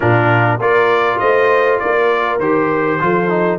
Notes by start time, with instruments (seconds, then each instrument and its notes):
0.00 tuba A#2, trombone D4, horn F4, trumpet A#4
0.59 tuba A#3, trombone F4, horn A#4, trumpet D5
1.19 tuba A3, horn C5, trumpet D#5
1.79 tuba A#3, horn A#4, trumpet D5
2.38 tuba D#3, trombone G4, trumpet C5
3.00 tuba F3, trombone F4, horn A4
3.29 trombone D#4